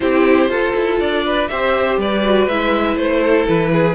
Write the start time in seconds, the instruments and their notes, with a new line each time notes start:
0.00 cello C4, viola E4, violin G4 C5
0.49 cello F4, viola F4, violin A4
0.75 cello E4
0.99 cello D4, violin D5
1.25 violin B4
1.48 cello C4, viola G4, violin C5 E5
1.97 cello G3, violin B4 D5
2.24 viola F#4
2.47 cello G#3, viola E4, violin E5
2.95 cello A3, violin C5
3.21 violin A4
3.47 cello E3, violin B4
3.72 violin G#4